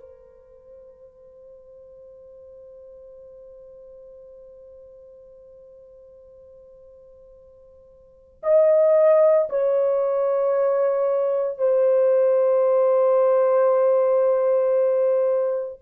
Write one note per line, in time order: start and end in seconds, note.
0.00 8.42 C5
8.44 9.49 D#5
9.50 11.59 C#5
11.59 15.80 C5